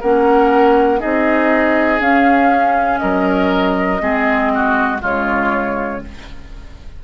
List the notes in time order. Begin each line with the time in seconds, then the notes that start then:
0.00 A#3 C#4 A#4 F#5
0.99 C4 D#4 G#4 D#5
1.99 C#4 F5
2.99 F#3 A#4 D#5
3.99 G#3 C4 G#4
4.54 F#4
5.00 C#3 G#3 F4 C#5